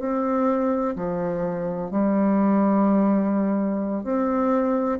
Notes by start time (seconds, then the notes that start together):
0.00 C4
0.96 F3
1.91 G3
4.04 C4